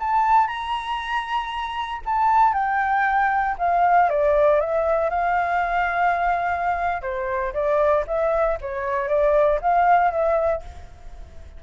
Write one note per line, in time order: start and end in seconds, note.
0.00 0.48 A5
0.48 2.02 A#5
2.06 2.54 A5
2.54 3.57 G5
3.59 4.10 F5
4.10 4.61 D5
4.61 5.10 E5
5.10 7.02 F5
7.02 7.54 C5
7.54 8.05 D5
8.07 8.59 E5
8.62 9.09 C#5
9.09 9.60 D5
9.62 10.11 F5
10.11 10.63 E5